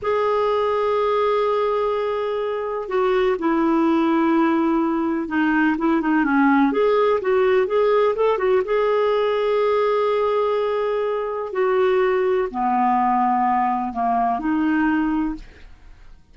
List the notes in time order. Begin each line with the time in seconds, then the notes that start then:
0.02 G#4
2.88 F#4
3.38 E4
5.28 D#4
5.78 E4
6.01 D#4
6.24 C#4
6.72 G#4
7.21 F#4
7.67 G#4
8.15 A4
8.38 F#4
8.64 G#4
11.52 F#4
12.50 B3
13.92 A#3
14.39 D#4